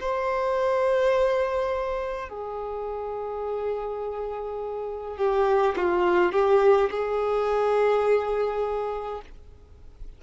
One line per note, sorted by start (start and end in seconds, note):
0.00 2.29 C5
2.29 5.17 G#4
5.17 5.75 G4
5.76 6.32 F4
6.32 6.90 G4
6.90 9.21 G#4